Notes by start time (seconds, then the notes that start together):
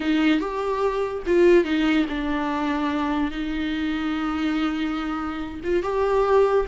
0.00 D#4
0.40 G4
1.26 F4
1.64 D#4
2.08 D4
3.31 D#4
5.63 F4
5.82 G4